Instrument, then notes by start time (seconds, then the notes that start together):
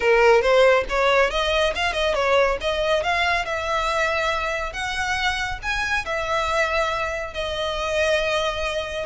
violin
0.00 A#4
0.41 C5
0.89 C#5
1.30 D#5
1.75 F5
1.92 D#5
2.14 C#5
2.60 D#5
3.03 F5
3.45 E5
4.72 F#5
5.62 G#5
6.05 E5
7.33 D#5